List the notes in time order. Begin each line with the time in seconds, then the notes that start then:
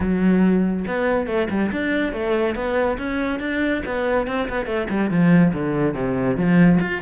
0.00 F#3
0.86 B3
1.26 A3
1.50 G3
1.71 D4
2.13 A3
2.55 B3
2.98 C#4
3.39 D4
3.85 B3
4.27 C4
4.49 B3
4.66 A3
4.89 G3
5.10 F3
5.53 D3
5.94 C3
6.36 F3
6.80 F4